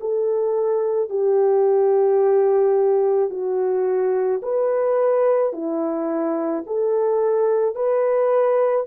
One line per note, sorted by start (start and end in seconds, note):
0.00 1.10 A4
1.10 3.30 G4
3.30 4.41 F#4
4.42 5.53 B4
5.53 6.64 E4
6.66 7.75 A4
7.75 8.86 B4